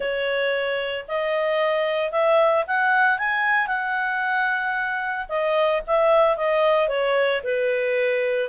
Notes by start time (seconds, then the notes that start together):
0.00 C#5
1.08 D#5
2.11 E5
2.67 F#5
3.18 G#5
3.67 F#5
5.28 D#5
5.86 E5
6.36 D#5
6.88 C#5
7.43 B4